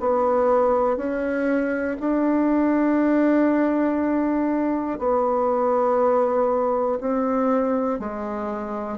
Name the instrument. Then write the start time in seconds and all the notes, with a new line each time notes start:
bassoon
0.00 B3
0.96 C#4
2.00 D4
4.98 B3
7.00 C4
7.99 G#3